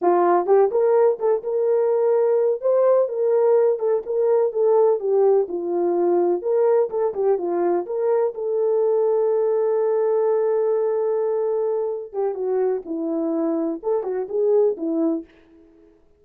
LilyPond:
\new Staff \with { instrumentName = "horn" } { \time 4/4 \tempo 4 = 126 f'4 g'8 ais'4 a'8 ais'4~ | ais'4. c''4 ais'4. | a'8 ais'4 a'4 g'4 f'8~ | f'4. ais'4 a'8 g'8 f'8~ |
f'8 ais'4 a'2~ a'8~ | a'1~ | a'4. g'8 fis'4 e'4~ | e'4 a'8 fis'8 gis'4 e'4 | }